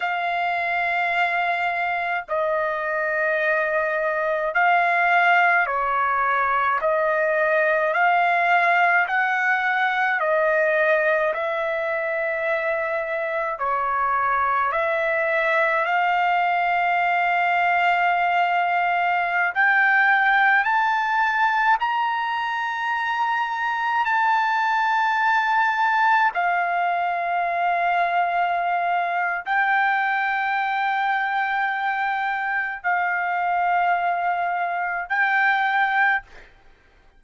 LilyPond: \new Staff \with { instrumentName = "trumpet" } { \time 4/4 \tempo 4 = 53 f''2 dis''2 | f''4 cis''4 dis''4 f''4 | fis''4 dis''4 e''2 | cis''4 e''4 f''2~ |
f''4~ f''16 g''4 a''4 ais''8.~ | ais''4~ ais''16 a''2 f''8.~ | f''2 g''2~ | g''4 f''2 g''4 | }